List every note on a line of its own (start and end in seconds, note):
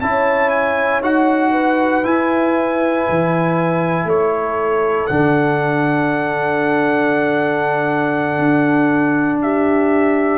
0.00 1.01 C#4
0.00 1.02 E4
0.00 1.51 C#5
0.00 0.50 A5
0.50 1.00 G#5
1.01 2.02 D#4
1.01 2.04 F#4
1.01 2.05 F#5
1.51 4.05 B4
2.04 5.09 E4
2.04 3.06 E4
2.04 4.08 G#5
3.09 4.04 E3
4.04 5.06 A3
4.04 9.42 A4
4.04 5.07 C#5
5.07 8.38 D3
5.07 10.37 D4
5.07 9.39 F#5
8.38 10.37 D4
9.42 10.37 G4
9.42 10.37 E5